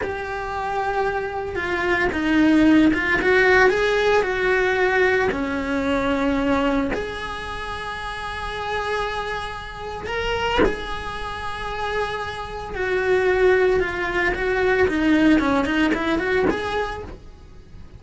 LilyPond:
\new Staff \with { instrumentName = "cello" } { \time 4/4 \tempo 4 = 113 g'2. f'4 | dis'4. f'8 fis'4 gis'4 | fis'2 cis'2~ | cis'4 gis'2.~ |
gis'2. ais'4 | gis'1 | fis'2 f'4 fis'4 | dis'4 cis'8 dis'8 e'8 fis'8 gis'4 | }